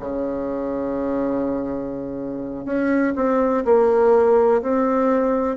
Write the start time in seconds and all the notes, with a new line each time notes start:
0.00 C#3
2.65 C#4
3.15 C4
3.65 A#3
4.62 C4